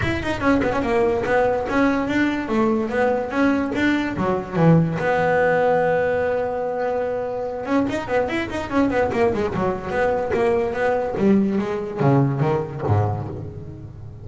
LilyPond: \new Staff \with { instrumentName = "double bass" } { \time 4/4 \tempo 4 = 145 e'8 dis'8 cis'8 b16 cis'16 ais4 b4 | cis'4 d'4 a4 b4 | cis'4 d'4 fis4 e4 | b1~ |
b2~ b8 cis'8 dis'8 b8 | e'8 dis'8 cis'8 b8 ais8 gis8 fis4 | b4 ais4 b4 g4 | gis4 cis4 dis4 gis,4 | }